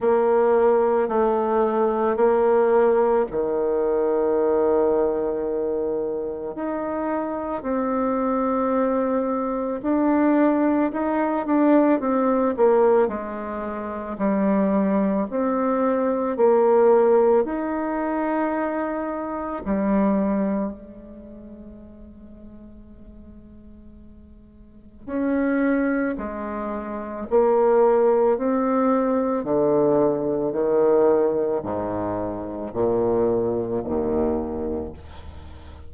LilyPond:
\new Staff \with { instrumentName = "bassoon" } { \time 4/4 \tempo 4 = 55 ais4 a4 ais4 dis4~ | dis2 dis'4 c'4~ | c'4 d'4 dis'8 d'8 c'8 ais8 | gis4 g4 c'4 ais4 |
dis'2 g4 gis4~ | gis2. cis'4 | gis4 ais4 c'4 d4 | dis4 gis,4 ais,4 dis,4 | }